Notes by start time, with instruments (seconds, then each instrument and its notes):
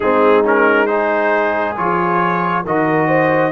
0.00 tuba G#3, trombone C4, horn D#4, trumpet G#4
0.44 trombone C#4, trumpet A#4
0.86 trombone D#4, horn G#4, trumpet C5
1.76 tuba F3, trombone F4, trumpet C#5
2.65 tuba D#3, trombone F#4, horn A#4, trumpet D#5
3.07 horn C5